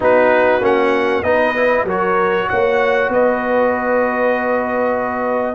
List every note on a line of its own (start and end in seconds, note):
0.00 0.61 B3
0.00 0.61 D#4
0.00 1.22 F#4
0.00 0.64 B4
0.61 1.22 A#3
0.61 1.23 C#4
0.61 1.23 F#5
1.22 1.84 B3
1.22 1.55 D#4
1.22 1.84 B4
1.22 1.85 D#5
1.56 1.87 E4
1.84 2.45 F#3
1.84 5.54 F#4
1.84 2.47 A#4
1.84 2.49 C#5
2.49 3.08 A#3
2.49 3.12 C#5
2.49 3.11 F#5
3.08 5.54 B3
3.08 5.54 B4
3.08 5.54 D#5